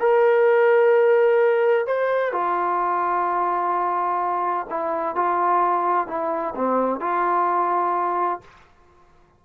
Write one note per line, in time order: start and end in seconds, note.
0.00 1.87 A#4
1.87 2.32 C5
2.32 4.67 F4
4.70 5.16 E4
5.16 6.08 F4
6.08 6.55 E4
6.55 7.01 C4
7.01 8.41 F4